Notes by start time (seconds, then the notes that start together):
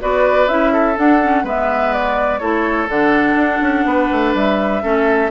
0.00 B3 F#4 B4 D5
0.48 C#4 E4 E5
0.73 A4
0.95 D4 F#5
1.22 C#4
1.44 G#3 B3 B4 E5
1.93 D5
2.39 A3 E4 A4 C#5
2.88 D3 D4 F#5
3.35 D4
3.61 C#4
3.85 B3 B4
4.11 A3
4.34 G3 E5
4.82 A3 C#4 A4